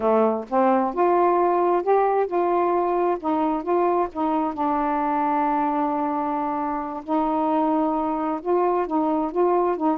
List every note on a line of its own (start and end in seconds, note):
0.00 0.44 A3
0.49 0.94 C4
0.94 1.82 F4
1.82 2.26 G4
2.26 3.17 F4
3.20 3.62 D#4
3.62 4.08 F4
4.12 4.53 D#4
4.53 7.03 D4
7.04 8.40 D#4
8.41 8.86 F4
8.86 9.31 D#4
9.31 9.76 F4
9.76 9.98 D#4